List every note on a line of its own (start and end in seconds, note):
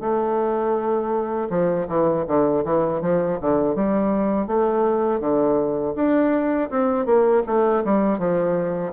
0.00 1.48 A3
1.50 1.87 F3
1.88 2.25 E3
2.27 2.64 D3
2.65 3.01 E3
3.01 3.38 F3
3.41 3.75 D3
3.75 4.47 G3
4.47 5.20 A3
5.20 5.94 D3
5.95 6.69 D4
6.70 7.05 C4
7.05 7.42 A#3
7.46 7.84 A3
7.84 8.19 G3
8.19 8.93 F3